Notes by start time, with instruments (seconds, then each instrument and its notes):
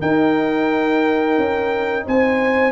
0.00 tuba D#4, trombone D#4, horn A#4, trumpet G5
1.38 tuba C#4
2.06 tuba C4, horn C5, trumpet G#5